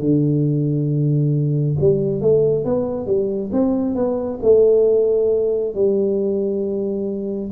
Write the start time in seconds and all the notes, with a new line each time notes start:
0.00 D3
1.80 G3
2.21 A3
2.65 B3
3.06 G3
3.52 C4
3.95 B3
4.42 A3
5.74 G3